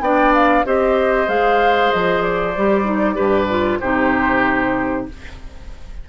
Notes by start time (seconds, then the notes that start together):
0.00 B3 D4 D5 G5
0.34 F5
0.65 C4 G4 C5 D#5
1.28 G#3 G#4 F5
1.92 F3 D#5
2.22 D5
2.56 G3 G4
2.84 D#4
3.14 G2 G4 B4
3.49 F4
3.79 C3 D#4 G4 C5